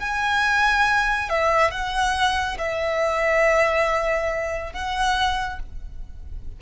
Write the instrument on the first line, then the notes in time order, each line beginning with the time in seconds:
violin
0.00 G#5
1.30 E5
1.71 F#5
2.58 E5
4.73 F#5